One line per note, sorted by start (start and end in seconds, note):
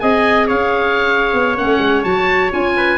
0.00 0.50 C4
0.00 1.57 G#4
0.00 0.48 D#5
0.00 0.48 G#5
0.48 1.33 C#4
0.48 2.75 C#5
0.48 1.57 F5
1.33 1.57 B3
1.57 1.66 A#3
1.57 2.05 C#4
1.57 2.03 F#5
1.66 1.78 A3
1.79 2.03 G#3
2.03 2.52 F#3
2.03 2.51 F#4
2.03 2.51 A5
2.51 2.98 C#4
2.51 2.98 F4
2.51 2.98 G#5
2.77 2.98 B4